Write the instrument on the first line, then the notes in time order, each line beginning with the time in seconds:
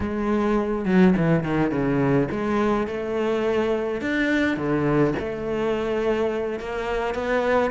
cello
0.00 G#3
0.85 F#3
1.17 E3
1.43 D#3
1.71 C#3
2.31 G#3
2.87 A3
4.01 D4
4.57 D3
5.19 A3
6.59 A#3
7.14 B3